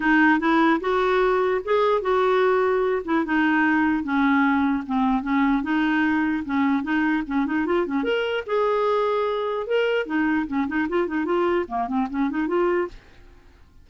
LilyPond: \new Staff \with { instrumentName = "clarinet" } { \time 4/4 \tempo 4 = 149 dis'4 e'4 fis'2 | gis'4 fis'2~ fis'8 e'8 | dis'2 cis'2 | c'4 cis'4 dis'2 |
cis'4 dis'4 cis'8 dis'8 f'8 cis'8 | ais'4 gis'2. | ais'4 dis'4 cis'8 dis'8 f'8 dis'8 | f'4 ais8 c'8 cis'8 dis'8 f'4 | }